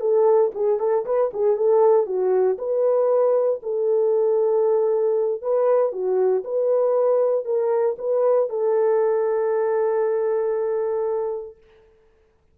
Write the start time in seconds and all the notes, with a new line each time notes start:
0.00 A4
0.54 G#4
0.79 A4
1.05 B4
1.33 G#4
1.56 A4
2.06 F#4
2.58 B4
3.62 A4
5.42 B4
5.92 F#4
6.44 B4
7.45 A#4
7.98 B4
8.49 A4